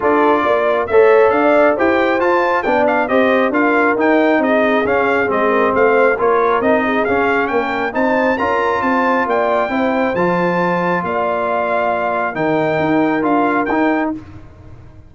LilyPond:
<<
  \new Staff \with { instrumentName = "trumpet" } { \time 4/4 \tempo 4 = 136 d''2 e''4 f''4 | g''4 a''4 g''8 f''8 dis''4 | f''4 g''4 dis''4 f''4 | dis''4 f''4 cis''4 dis''4 |
f''4 g''4 a''4 ais''4 | a''4 g''2 a''4~ | a''4 f''2. | g''2 f''4 g''4 | }
  \new Staff \with { instrumentName = "horn" } { \time 4/4 a'4 d''4 cis''4 d''4 | c''2 d''4 c''4 | ais'2 gis'2~ | gis'8 ais'8 c''4 ais'4. gis'8~ |
gis'4 ais'4 c''4 ais'4 | c''4 d''4 c''2~ | c''4 d''2. | ais'1 | }
  \new Staff \with { instrumentName = "trombone" } { \time 4/4 f'2 a'2 | g'4 f'4 d'4 g'4 | f'4 dis'2 cis'4 | c'2 f'4 dis'4 |
cis'2 dis'4 f'4~ | f'2 e'4 f'4~ | f'1 | dis'2 f'4 dis'4 | }
  \new Staff \with { instrumentName = "tuba" } { \time 4/4 d'4 ais4 a4 d'4 | e'4 f'4 b4 c'4 | d'4 dis'4 c'4 cis'4 | gis4 a4 ais4 c'4 |
cis'4 ais4 c'4 cis'4 | c'4 ais4 c'4 f4~ | f4 ais2. | dis4 dis'4 d'4 dis'4 | }
>>